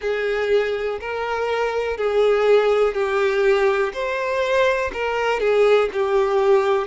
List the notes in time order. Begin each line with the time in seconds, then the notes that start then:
0.00 G#4
1.00 A#4
1.97 G#4
2.94 G4
3.93 C5
4.93 A#4
5.40 G#4
5.92 G4